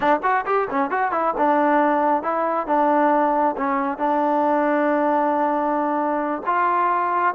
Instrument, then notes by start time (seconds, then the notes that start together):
trombone
0.00 D4
0.23 F#4
0.45 G4
0.70 C#4
0.90 F#4
1.11 E4
1.37 D4
2.22 E4
2.66 D4
3.57 C#4
3.98 D4
6.46 F4